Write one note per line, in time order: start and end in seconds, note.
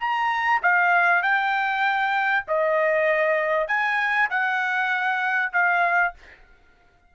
0.00 0.61 A#5
0.63 1.22 F5
1.22 2.45 G5
2.48 3.68 D#5
3.68 4.29 G#5
4.30 5.52 F#5
5.53 6.14 F5